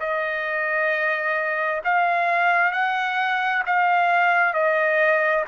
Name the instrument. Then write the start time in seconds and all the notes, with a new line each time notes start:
trumpet
0.00 D#5
1.85 F5
2.72 F#5
3.66 F5
4.54 D#5